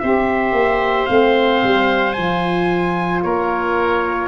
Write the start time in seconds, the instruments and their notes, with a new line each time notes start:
0.00 tuba C4, saxophone G4, oboe C5, trumpet E5
0.52 tuba A#3
1.06 tuba A3, saxophone C4, trumpet F5
1.64 tuba G3
2.13 tuba F3, saxophone F4, trumpet G#5
3.23 tuba A#3, oboe A#4, trumpet C#5